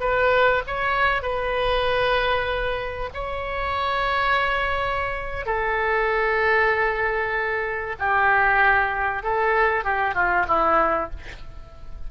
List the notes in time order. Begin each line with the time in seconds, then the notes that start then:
0.00 B4
0.67 C#5
1.22 B4
3.13 C#5
5.45 A4
7.99 G4
9.23 A4
9.84 G4
10.14 F4
10.47 E4